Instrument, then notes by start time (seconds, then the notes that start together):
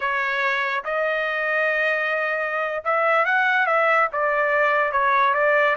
trumpet
0.00 C#5
0.84 D#5
2.84 E5
3.25 F#5
3.66 E5
4.12 D5
4.91 C#5
5.34 D5